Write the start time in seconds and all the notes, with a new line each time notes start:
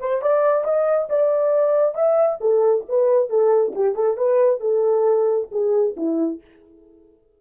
0.00 C5
0.22 D5
0.64 D#5
1.10 D5
1.95 E5
2.41 A4
2.89 B4
3.29 A4
3.75 G4
3.95 A4
4.17 B4
4.60 A4
5.51 G#4
5.97 E4